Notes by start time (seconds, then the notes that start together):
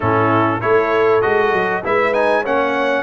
0.00 A2 C#4 E4 A4
0.60 A3 E4 A4 C#5
1.21 G#3 F#4 D#5
1.53 F#3
1.83 G#3 E4 B4 E5
2.13 D#4 G#5
2.41 A#3 C#4 C#5 F#5